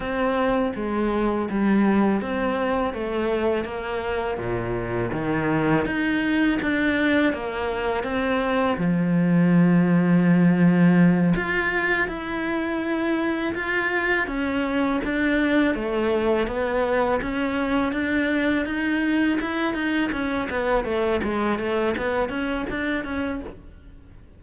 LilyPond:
\new Staff \with { instrumentName = "cello" } { \time 4/4 \tempo 4 = 82 c'4 gis4 g4 c'4 | a4 ais4 ais,4 dis4 | dis'4 d'4 ais4 c'4 | f2.~ f8 f'8~ |
f'8 e'2 f'4 cis'8~ | cis'8 d'4 a4 b4 cis'8~ | cis'8 d'4 dis'4 e'8 dis'8 cis'8 | b8 a8 gis8 a8 b8 cis'8 d'8 cis'8 | }